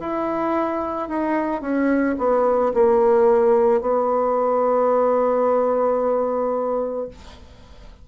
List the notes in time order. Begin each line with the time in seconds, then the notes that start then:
0.00 E4
1.09 D#4
1.62 C#4
2.18 B3
2.74 A#3
3.81 B3